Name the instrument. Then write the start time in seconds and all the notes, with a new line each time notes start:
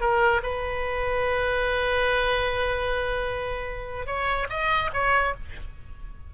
oboe
0.00 A#4
0.42 B4
4.06 C#5
4.49 D#5
4.93 C#5